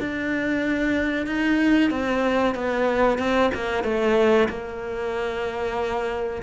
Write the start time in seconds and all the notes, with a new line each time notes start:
0.00 D4
1.27 D#4
1.91 C4
2.55 B3
3.19 C4
3.55 A#3
3.84 A3
4.49 A#3